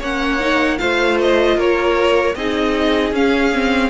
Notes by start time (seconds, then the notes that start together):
0.00 A#3 C#4 C#5 F#5
0.40 D#4
0.78 A3 F4 C5 F5
1.21 D#5
1.57 A#3 A#4 C#5
2.35 C4 D#4 G#4 D#5
3.12 C#4 F5
3.53 C4